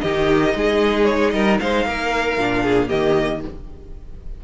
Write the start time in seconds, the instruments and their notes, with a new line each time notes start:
0.00 cello D#3, viola D#4, violin G4 D#5
0.54 cello G#3, violin G#4
1.04 violin C#5
1.30 cello G3, violin A#4 D#5
1.59 cello G#3, violin C5 F5
1.85 cello A#3, violin A#4
2.37 cello A#2, viola D4
2.62 violin G#4
2.87 cello D#3, viola A#3, violin G4 D#5